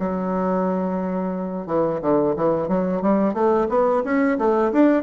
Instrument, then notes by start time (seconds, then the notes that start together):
bassoon
0.00 F#3
1.67 E3
2.02 D3
2.36 E3
2.69 F#3
3.02 G3
3.34 A3
3.70 B3
4.04 C#4
4.39 A3
4.73 D4